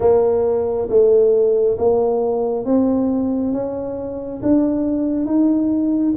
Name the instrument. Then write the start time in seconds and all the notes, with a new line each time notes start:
tuba
0.00 A#3
0.89 A3
1.78 A#3
2.65 C4
3.53 C#4
4.42 D4
5.25 D#4